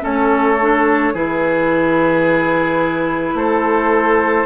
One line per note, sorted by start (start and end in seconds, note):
0.00 1.14 A3
0.00 0.56 C#4
0.00 1.13 A4
0.00 1.15 C#5
0.61 1.14 D4
1.13 3.34 E3
1.13 4.46 E4
1.13 3.35 G#4
1.13 3.37 B4
3.34 4.45 A3
3.34 4.46 A4
3.34 4.46 C5